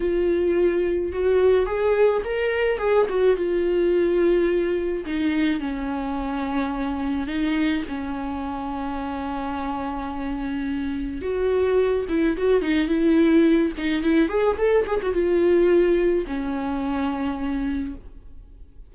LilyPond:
\new Staff \with { instrumentName = "viola" } { \time 4/4 \tempo 4 = 107 f'2 fis'4 gis'4 | ais'4 gis'8 fis'8 f'2~ | f'4 dis'4 cis'2~ | cis'4 dis'4 cis'2~ |
cis'1 | fis'4. e'8 fis'8 dis'8 e'4~ | e'8 dis'8 e'8 gis'8 a'8 gis'16 fis'16 f'4~ | f'4 cis'2. | }